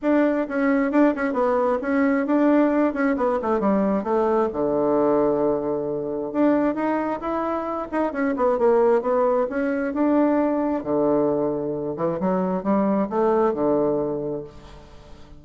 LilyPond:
\new Staff \with { instrumentName = "bassoon" } { \time 4/4 \tempo 4 = 133 d'4 cis'4 d'8 cis'8 b4 | cis'4 d'4. cis'8 b8 a8 | g4 a4 d2~ | d2 d'4 dis'4 |
e'4. dis'8 cis'8 b8 ais4 | b4 cis'4 d'2 | d2~ d8 e8 fis4 | g4 a4 d2 | }